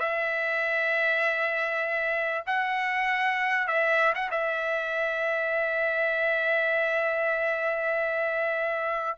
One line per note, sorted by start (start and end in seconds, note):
0.00 2.45 E5
2.47 3.68 F#5
3.68 4.14 E5
4.15 4.31 F#5
4.31 9.19 E5